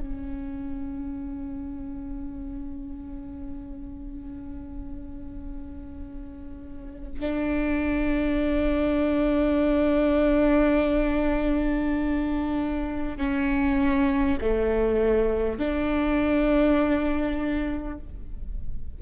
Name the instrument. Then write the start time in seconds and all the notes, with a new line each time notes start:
viola
0.00 C#4
7.20 D4
13.18 C#4
14.41 A3
15.59 D4